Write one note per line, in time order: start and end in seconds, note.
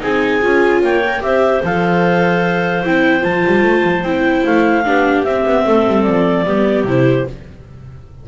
0.00 0.44 C4
0.00 0.40 D#4
0.00 0.82 G#4
0.00 0.83 G#5
0.42 0.82 C#4
0.42 1.03 F4
0.82 1.22 A#3
0.82 1.22 C#5
0.82 1.23 G5
1.07 1.20 A#4
1.20 1.62 C4
1.20 1.61 G4
1.20 4.86 C5
1.20 1.63 E5
1.64 2.85 F3
1.64 2.85 A4
1.64 2.85 F5
2.85 3.24 C4
2.85 3.20 E4
2.85 3.24 G5
3.20 3.44 F3
3.20 4.01 F4
3.20 4.04 A5
3.46 3.63 G3
3.63 3.83 A3
3.83 4.03 F3
4.03 4.43 C4
4.03 4.85 E4
4.03 4.45 G5
4.45 4.87 A3
4.45 5.24 F5
4.85 5.25 B3
4.85 5.25 D4
4.85 5.65 G4
5.24 5.45 C4
5.24 6.46 C4
5.24 6.03 E5
5.45 5.65 B3
5.65 5.87 A3
5.65 6.45 A4
5.87 6.07 G3
6.03 6.46 F3
6.03 6.84 D5
6.46 6.84 G3
6.46 6.86 B3
6.46 7.27 G4
6.84 7.25 C3
6.84 7.28 E4
6.84 7.28 C5